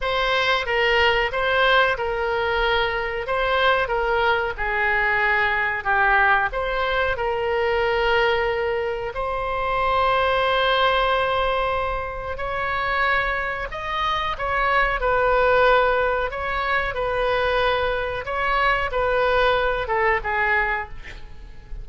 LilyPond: \new Staff \with { instrumentName = "oboe" } { \time 4/4 \tempo 4 = 92 c''4 ais'4 c''4 ais'4~ | ais'4 c''4 ais'4 gis'4~ | gis'4 g'4 c''4 ais'4~ | ais'2 c''2~ |
c''2. cis''4~ | cis''4 dis''4 cis''4 b'4~ | b'4 cis''4 b'2 | cis''4 b'4. a'8 gis'4 | }